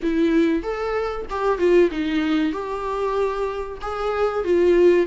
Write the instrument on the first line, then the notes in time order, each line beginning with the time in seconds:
viola
0.02 E4
0.63 A4
1.29 G4
1.58 F4
1.91 D#4
2.52 G4
3.81 G#4
4.44 F4